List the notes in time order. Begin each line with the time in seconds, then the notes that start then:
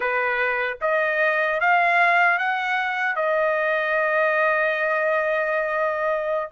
0.00 B4
0.81 D#5
1.60 F5
2.38 F#5
3.15 D#5